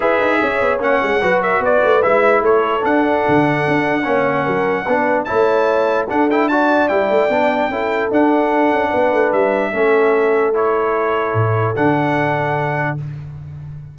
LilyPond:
<<
  \new Staff \with { instrumentName = "trumpet" } { \time 4/4 \tempo 4 = 148 e''2 fis''4. e''8 | d''4 e''4 cis''4 fis''4~ | fis''1~ | fis''4 a''2 fis''8 g''8 |
a''4 g''2. | fis''2. e''4~ | e''2 cis''2~ | cis''4 fis''2. | }
  \new Staff \with { instrumentName = "horn" } { \time 4/4 b'4 cis''2 b'8 ais'8 | b'2 a'2~ | a'2 cis''4 ais'4 | b'4 cis''2 a'4 |
d''2. a'4~ | a'2 b'2 | a'1~ | a'1 | }
  \new Staff \with { instrumentName = "trombone" } { \time 4/4 gis'2 cis'4 fis'4~ | fis'4 e'2 d'4~ | d'2 cis'2 | d'4 e'2 d'8 e'8 |
fis'4 e'4 d'4 e'4 | d'1 | cis'2 e'2~ | e'4 d'2. | }
  \new Staff \with { instrumentName = "tuba" } { \time 4/4 e'8 dis'8 cis'8 b8 ais8 gis8 fis4 | b8 a8 gis4 a4 d'4 | d4 d'4 ais4 fis4 | b4 a2 d'4~ |
d'4 g8 a8 b4 cis'4 | d'4. cis'8 b8 a8 g4 | a1 | a,4 d2. | }
>>